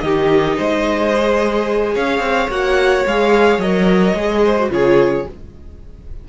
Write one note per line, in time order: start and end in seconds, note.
0.00 0.57 D#3
0.00 1.14 D#4
0.00 0.57 G4
0.00 1.93 D#5
0.57 1.95 G#3
0.57 1.94 C5
1.17 2.50 G#4
1.94 2.19 C#4
1.94 4.42 C#5
1.94 2.50 F5
2.19 2.47 C4
2.49 3.04 A#3
2.49 3.05 F#4
2.49 3.06 F#5
3.06 3.58 G#3
3.06 3.62 G#4
3.06 3.60 F5
3.58 4.13 F#3
3.58 4.16 A#4
3.58 4.71 D#5
4.14 4.69 G#3
4.14 4.57 G#4
4.44 4.71 C5
4.59 4.70 F#4
4.69 5.25 C#3
4.69 5.25 F4
4.69 5.29 G#4
4.69 5.28 C#5